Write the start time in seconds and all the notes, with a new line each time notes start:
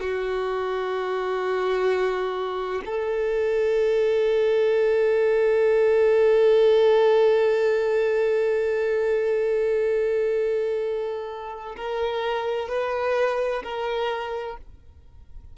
0.00 F#4
2.85 A4
11.76 A#4
12.69 B4
13.63 A#4